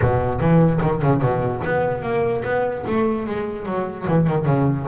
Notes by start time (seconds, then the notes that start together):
0.01 B2
0.40 E3
0.81 D#3
1.01 C#3
1.21 B2
1.64 B3
2.02 A#3
2.44 B3
2.86 A3
3.26 G#3
3.65 F#3
4.07 E3
4.27 D#3
4.45 C#3